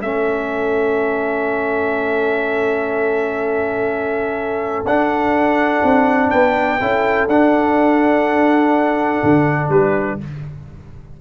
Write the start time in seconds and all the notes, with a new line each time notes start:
0.00 A3 C#4 A4 E5
4.84 D4 F#5
5.83 C4
6.30 B3 B4 G5
6.79 C#4 E4 A4
7.27 D4 F#5
9.23 D3
9.69 G3 G4 B4